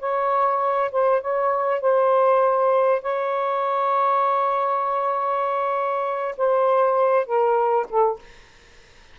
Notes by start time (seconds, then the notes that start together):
0.00 C#5
0.92 C5
1.21 C#5
1.81 C5
3.02 C#5
6.38 C5
7.26 A#4
7.89 A4